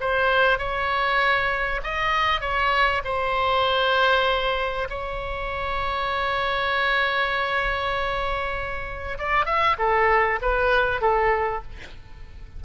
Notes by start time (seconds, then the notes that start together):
0.00 C5
0.58 C#5
1.83 D#5
2.40 C#5
3.04 C5
4.89 C#5
9.18 D5
9.45 E5
9.78 A4
10.41 B4
11.01 A4